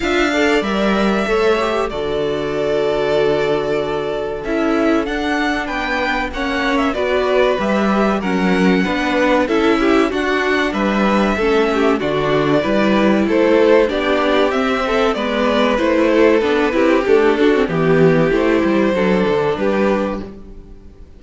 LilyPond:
<<
  \new Staff \with { instrumentName = "violin" } { \time 4/4 \tempo 4 = 95 f''4 e''2 d''4~ | d''2. e''4 | fis''4 g''4 fis''8. e''16 d''4 | e''4 fis''2 e''4 |
fis''4 e''2 d''4~ | d''4 c''4 d''4 e''4 | d''4 c''4 b'4 a'4 | g'4 c''2 b'4 | }
  \new Staff \with { instrumentName = "violin" } { \time 4/4 e''8 d''4. cis''4 a'4~ | a'1~ | a'4 b'4 cis''4 b'4~ | b'4 ais'4 b'4 a'8 g'8 |
fis'4 b'4 a'8 g'8 fis'4 | b'4 a'4 g'4. a'8 | b'4. a'4 g'4 fis'8 | g'2 a'4 g'4 | }
  \new Staff \with { instrumentName = "viola" } { \time 4/4 f'8 a'8 ais'4 a'8 g'8 fis'4~ | fis'2. e'4 | d'2 cis'4 fis'4 | g'4 cis'4 d'4 e'4 |
d'2 cis'4 d'4 | e'2 d'4 c'4 | b4 e'4 d'8 e'8 a8 d'16 c'16 | b4 e'4 d'2 | }
  \new Staff \with { instrumentName = "cello" } { \time 4/4 d'4 g4 a4 d4~ | d2. cis'4 | d'4 b4 ais4 b4 | g4 fis4 b4 cis'4 |
d'4 g4 a4 d4 | g4 a4 b4 c'4 | gis4 a4 b8 c'8 d'4 | e4 a8 g8 fis8 d8 g4 | }
>>